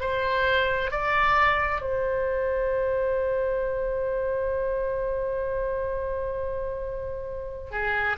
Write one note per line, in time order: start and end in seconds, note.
0.00 0.90 C5
0.90 1.81 D5
1.81 7.71 C5
7.71 8.17 G#4